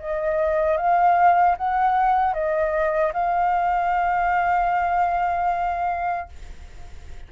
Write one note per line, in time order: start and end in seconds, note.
0.00 0.78 D#5
0.78 1.56 F5
1.58 2.34 F#5
2.34 3.13 D#5
3.13 6.29 F5